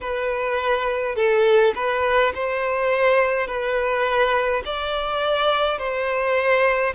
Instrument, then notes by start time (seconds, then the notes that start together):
violin
0.00 B4
1.15 A4
1.75 B4
2.34 C5
3.47 B4
4.65 D5
5.78 C5